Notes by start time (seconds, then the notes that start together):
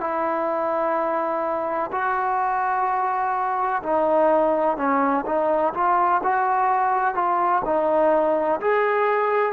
0.00 E4
1.92 F#4
3.83 D#4
4.77 C#4
5.26 D#4
5.74 F4
6.23 F#4
7.15 F4
7.65 D#4
8.61 G#4